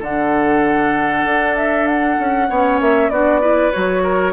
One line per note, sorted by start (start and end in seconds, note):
0.00 1.25 D3
0.00 2.51 D4
0.00 2.47 A4
0.00 1.57 F#5
1.25 2.18 D4
1.57 1.88 E5
1.88 2.80 F#5
2.19 2.50 C#4
2.50 2.81 B3
2.50 3.13 C#4
2.50 3.12 C#5
2.81 3.10 A#3
2.81 3.10 E5
3.10 3.72 B3
3.10 3.41 D4
3.10 3.41 F#4
3.10 3.72 D5
3.41 3.72 E4
3.41 4.03 B4
3.73 4.33 F#3
3.73 4.33 F#4
3.73 4.33 C#5
4.04 4.33 A#4